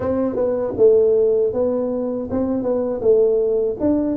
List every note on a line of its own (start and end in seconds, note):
0.00 0.35 C4
0.35 0.73 B3
0.77 1.53 A3
1.53 2.29 B3
2.30 2.62 C4
2.62 3.00 B3
3.01 3.77 A3
3.80 4.16 D4